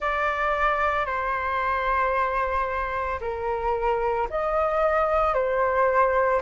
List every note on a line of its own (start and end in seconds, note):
0.00 1.05 D5
1.05 3.19 C5
3.20 4.28 A#4
4.30 5.33 D#5
5.33 6.40 C5